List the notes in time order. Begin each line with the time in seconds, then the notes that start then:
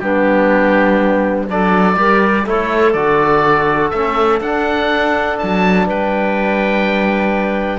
0.00 G3 B3 D4 G4
1.48 F#3 D4 A4 D5
1.97 G3 G4 A#4
2.45 A3 E4 A4 C#5
2.93 D3 F#4 D5
3.91 A3 C#4 E5
4.41 D4 F#5
5.38 F#3 A5
5.87 G3 B4 G5